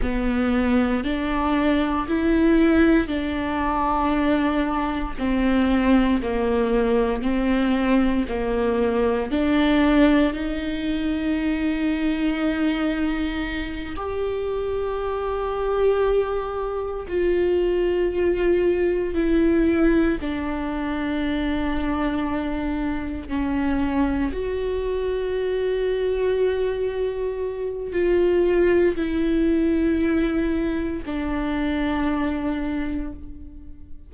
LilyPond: \new Staff \with { instrumentName = "viola" } { \time 4/4 \tempo 4 = 58 b4 d'4 e'4 d'4~ | d'4 c'4 ais4 c'4 | ais4 d'4 dis'2~ | dis'4. g'2~ g'8~ |
g'8 f'2 e'4 d'8~ | d'2~ d'8 cis'4 fis'8~ | fis'2. f'4 | e'2 d'2 | }